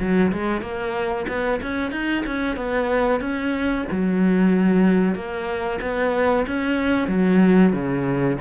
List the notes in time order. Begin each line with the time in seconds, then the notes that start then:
0.00 F#3
0.33 G#3
0.62 A#3
1.28 B3
1.62 C#4
1.92 D#4
2.27 C#4
2.57 B3
3.21 C#4
3.91 F#3
5.15 A#3
5.82 B3
6.48 C#4
7.09 F#3
7.73 C#3